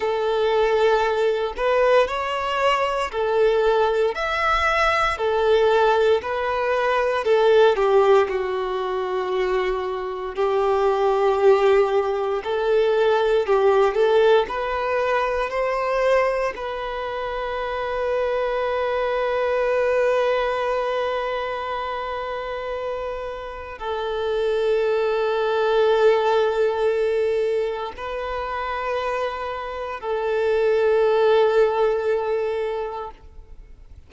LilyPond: \new Staff \with { instrumentName = "violin" } { \time 4/4 \tempo 4 = 58 a'4. b'8 cis''4 a'4 | e''4 a'4 b'4 a'8 g'8 | fis'2 g'2 | a'4 g'8 a'8 b'4 c''4 |
b'1~ | b'2. a'4~ | a'2. b'4~ | b'4 a'2. | }